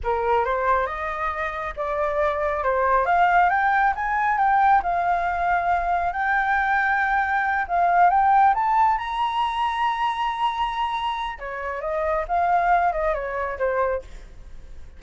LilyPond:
\new Staff \with { instrumentName = "flute" } { \time 4/4 \tempo 4 = 137 ais'4 c''4 dis''2 | d''2 c''4 f''4 | g''4 gis''4 g''4 f''4~ | f''2 g''2~ |
g''4. f''4 g''4 a''8~ | a''8 ais''2.~ ais''8~ | ais''2 cis''4 dis''4 | f''4. dis''8 cis''4 c''4 | }